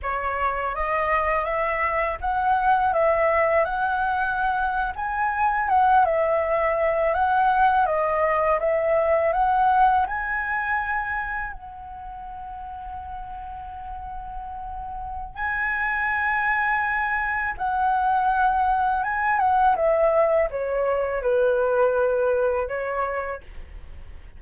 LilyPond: \new Staff \with { instrumentName = "flute" } { \time 4/4 \tempo 4 = 82 cis''4 dis''4 e''4 fis''4 | e''4 fis''4.~ fis''16 gis''4 fis''16~ | fis''16 e''4. fis''4 dis''4 e''16~ | e''8. fis''4 gis''2 fis''16~ |
fis''1~ | fis''4 gis''2. | fis''2 gis''8 fis''8 e''4 | cis''4 b'2 cis''4 | }